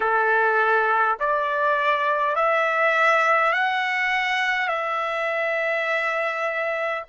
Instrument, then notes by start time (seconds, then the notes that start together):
trumpet
0.00 A4
1.19 D5
2.35 E5
3.52 F#5
4.67 E5